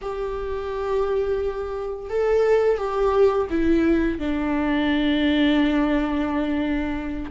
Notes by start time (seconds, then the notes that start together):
0.01 G4
2.09 A4
2.77 G4
3.50 E4
4.18 D4